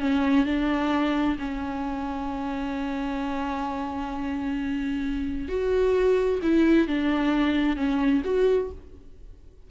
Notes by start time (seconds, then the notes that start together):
0.00 C#4
0.45 D4
1.39 C#4
5.49 F#4
6.42 E4
6.88 D4
7.76 C#4
8.24 F#4